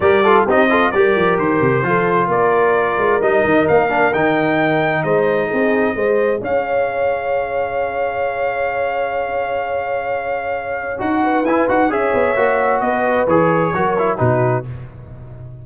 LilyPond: <<
  \new Staff \with { instrumentName = "trumpet" } { \time 4/4 \tempo 4 = 131 d''4 dis''4 d''4 c''4~ | c''4 d''2 dis''4 | f''4 g''2 dis''4~ | dis''2 f''2~ |
f''1~ | f''1 | fis''4 gis''8 fis''8 e''2 | dis''4 cis''2 b'4 | }
  \new Staff \with { instrumentName = "horn" } { \time 4/4 ais'8 a'8 g'8 a'8 ais'2 | a'4 ais'2.~ | ais'2. c''4 | gis'4 c''4 cis''2~ |
cis''1~ | cis''1~ | cis''8 b'4. cis''2 | b'2 ais'4 fis'4 | }
  \new Staff \with { instrumentName = "trombone" } { \time 4/4 g'8 f'8 dis'8 f'8 g'2 | f'2. dis'4~ | dis'8 d'8 dis'2.~ | dis'4 gis'2.~ |
gis'1~ | gis'1 | fis'4 e'8 fis'8 gis'4 fis'4~ | fis'4 gis'4 fis'8 e'8 dis'4 | }
  \new Staff \with { instrumentName = "tuba" } { \time 4/4 g4 c'4 g8 f8 dis8 c8 | f4 ais4. gis8 g8 dis8 | ais4 dis2 gis4 | c'4 gis4 cis'2~ |
cis'1~ | cis'1 | dis'4 e'8 dis'8 cis'8 b8 ais4 | b4 e4 fis4 b,4 | }
>>